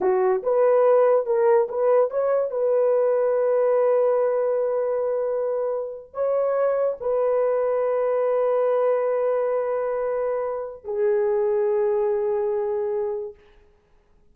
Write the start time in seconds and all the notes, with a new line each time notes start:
0.00 F#4
0.43 B4
1.26 A#4
1.68 B4
2.10 C#5
2.50 B4
6.13 C#5
7.00 B4
10.84 G#4